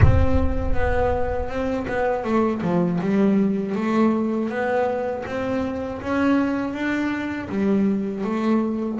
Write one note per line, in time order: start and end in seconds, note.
0.02 0.73 C4
0.73 1.48 B3
1.49 1.86 C4
1.87 2.24 B3
2.24 2.61 A3
2.61 2.99 F3
3.00 3.75 G3
3.75 4.49 A3
4.49 5.24 B3
5.26 6.01 C4
6.01 6.73 C#4
6.73 7.48 D4
7.49 8.24 G3
8.24 8.99 A3